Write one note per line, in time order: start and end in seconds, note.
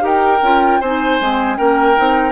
0.00 0.40 D#4
0.00 0.38 G4
0.00 0.80 A#4
0.00 0.81 G5
0.41 0.80 C#4
0.41 0.82 F4
0.80 1.19 C4
0.80 1.20 D#4
0.80 1.57 C5
0.80 1.57 G#5
1.20 1.58 G#3
1.20 1.56 C4
1.56 1.97 A#3
1.56 1.95 C#4
1.56 2.32 A#4
1.56 2.32 G5
1.96 2.32 C4
1.96 2.32 D#4